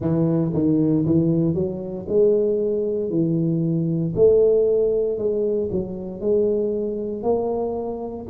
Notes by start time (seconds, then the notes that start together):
0.00 E3
0.53 D#3
1.05 E3
1.54 F#3
2.08 G#3
3.10 E3
4.15 A3
5.17 G#3
5.71 F#3
6.20 G#3
7.22 A#3